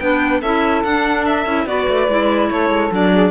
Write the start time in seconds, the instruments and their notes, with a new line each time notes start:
0.00 cello B3, clarinet D4, saxophone B4, violin G5
0.41 cello C#4, clarinet E4, saxophone A4, violin E5
0.84 cello D4, clarinet D4, violin F#5
1.26 violin E5
1.46 cello C#4, clarinet E4
1.66 cello B3, clarinet F#4, saxophone B4, violin D5
1.88 cello A3
2.09 cello G#3, clarinet E4
2.49 cello A3, saxophone A4, violin C#5
2.70 cello G#3
2.92 cello F#3, clarinet D4, violin D5
3.12 saxophone G#4